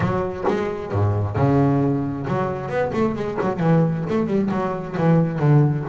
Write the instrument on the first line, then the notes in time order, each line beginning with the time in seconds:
double bass
0.00 F#3
0.48 G#3
0.91 G#2
1.36 C#3
2.27 F#3
2.68 B3
2.93 A3
3.15 G#3
3.41 F#3
3.59 E3
4.09 A3
4.27 G3
4.51 F#3
4.97 E3
5.39 D3